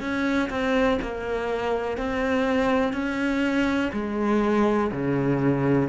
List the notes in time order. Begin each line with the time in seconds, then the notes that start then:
0.00 C#4
0.49 C4
1.01 A#3
1.97 C4
2.93 C#4
3.93 G#3
4.91 C#3